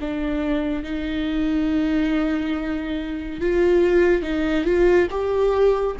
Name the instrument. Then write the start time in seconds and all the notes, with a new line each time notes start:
viola
0.00 D4
0.83 D#4
3.41 F4
4.22 D#4
4.64 F4
5.10 G4